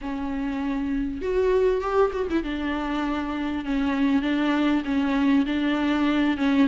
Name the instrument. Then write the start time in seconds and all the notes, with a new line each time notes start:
viola
0.01 C#4
1.21 F#4
1.81 G4
2.12 F#4
2.30 E4
2.43 D4
3.64 C#4
4.22 D4
4.85 C#4
5.46 D4
6.37 C#4